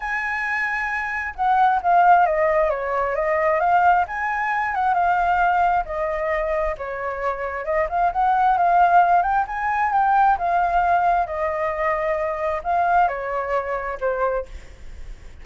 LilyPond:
\new Staff \with { instrumentName = "flute" } { \time 4/4 \tempo 4 = 133 gis''2. fis''4 | f''4 dis''4 cis''4 dis''4 | f''4 gis''4. fis''8 f''4~ | f''4 dis''2 cis''4~ |
cis''4 dis''8 f''8 fis''4 f''4~ | f''8 g''8 gis''4 g''4 f''4~ | f''4 dis''2. | f''4 cis''2 c''4 | }